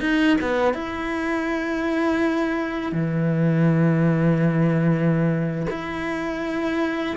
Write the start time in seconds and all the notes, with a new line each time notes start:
0.00 D#4
0.41 B3
0.73 E4
2.92 E3
5.70 E4